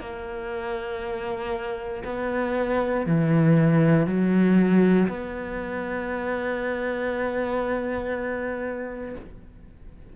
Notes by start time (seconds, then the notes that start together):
0.00 A#3
2.04 B3
3.06 E3
4.06 F#3
5.08 B3